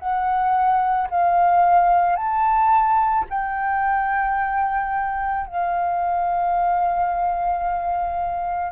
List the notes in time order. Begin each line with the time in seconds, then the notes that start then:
0.00 F#5
1.11 F5
2.17 A5
3.30 G5
5.47 F5